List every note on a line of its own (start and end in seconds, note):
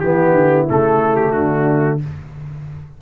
0.00 0.32 E3
0.00 0.68 B3
0.00 1.32 E4
0.00 0.66 G4
0.32 0.65 D3
0.68 1.36 C#3
0.68 2.00 A3
0.68 1.16 A4
1.16 1.32 G4
1.32 2.02 D3
1.32 1.98 D4
1.32 1.98 F#4